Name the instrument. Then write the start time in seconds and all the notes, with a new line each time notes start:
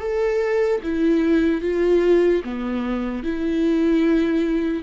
viola
0.00 A4
0.83 E4
1.62 F4
2.44 B3
3.24 E4